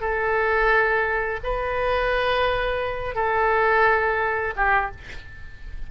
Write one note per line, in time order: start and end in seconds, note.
0.00 1.40 A4
1.43 3.15 B4
3.15 4.54 A4
4.56 4.91 G4